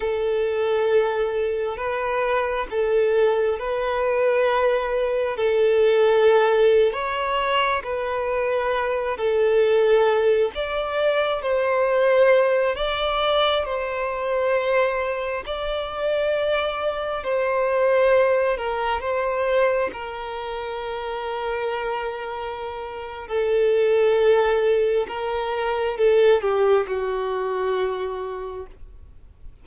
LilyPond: \new Staff \with { instrumentName = "violin" } { \time 4/4 \tempo 4 = 67 a'2 b'4 a'4 | b'2 a'4.~ a'16 cis''16~ | cis''8. b'4. a'4. d''16~ | d''8. c''4. d''4 c''8.~ |
c''4~ c''16 d''2 c''8.~ | c''8. ais'8 c''4 ais'4.~ ais'16~ | ais'2 a'2 | ais'4 a'8 g'8 fis'2 | }